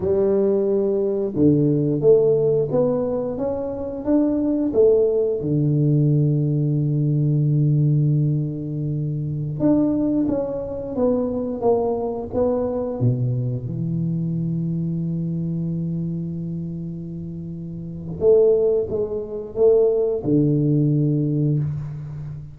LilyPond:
\new Staff \with { instrumentName = "tuba" } { \time 4/4 \tempo 4 = 89 g2 d4 a4 | b4 cis'4 d'4 a4 | d1~ | d2~ d16 d'4 cis'8.~ |
cis'16 b4 ais4 b4 b,8.~ | b,16 e2.~ e8.~ | e2. a4 | gis4 a4 d2 | }